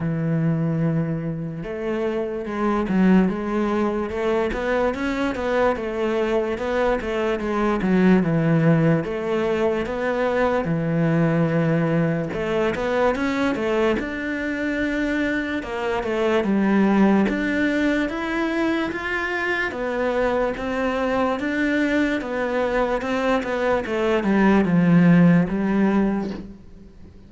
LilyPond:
\new Staff \with { instrumentName = "cello" } { \time 4/4 \tempo 4 = 73 e2 a4 gis8 fis8 | gis4 a8 b8 cis'8 b8 a4 | b8 a8 gis8 fis8 e4 a4 | b4 e2 a8 b8 |
cis'8 a8 d'2 ais8 a8 | g4 d'4 e'4 f'4 | b4 c'4 d'4 b4 | c'8 b8 a8 g8 f4 g4 | }